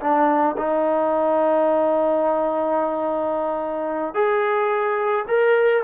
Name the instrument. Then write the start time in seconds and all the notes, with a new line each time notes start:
trombone
0.00 D4
0.57 D#4
4.14 G#4
5.28 A#4